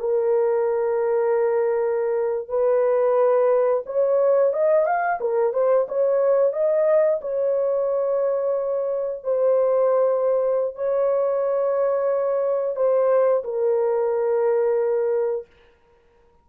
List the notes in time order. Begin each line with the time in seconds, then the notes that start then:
0.00 A#4
2.49 B4
3.86 C#5
4.54 D#5
4.86 F5
5.21 A#4
5.54 C5
5.89 C#5
6.53 D#5
7.22 C#5
9.24 C5
10.76 C#5
12.76 C5
13.44 A#4